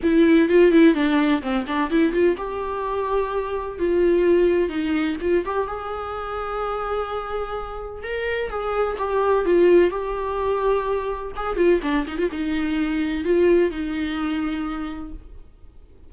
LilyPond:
\new Staff \with { instrumentName = "viola" } { \time 4/4 \tempo 4 = 127 e'4 f'8 e'8 d'4 c'8 d'8 | e'8 f'8 g'2. | f'2 dis'4 f'8 g'8 | gis'1~ |
gis'4 ais'4 gis'4 g'4 | f'4 g'2. | gis'8 f'8 d'8 dis'16 f'16 dis'2 | f'4 dis'2. | }